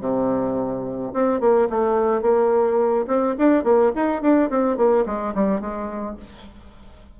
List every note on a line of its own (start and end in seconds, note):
0.00 1.12 C3
1.13 1.40 C4
1.40 1.68 A#3
1.69 2.22 A3
2.22 3.06 A#3
3.07 3.35 C4
3.38 3.63 D4
3.63 3.92 A#3
3.95 4.22 D#4
4.22 4.50 D4
4.50 4.77 C4
4.77 5.05 A#3
5.05 5.33 G#3
5.34 5.60 G3
5.60 6.16 G#3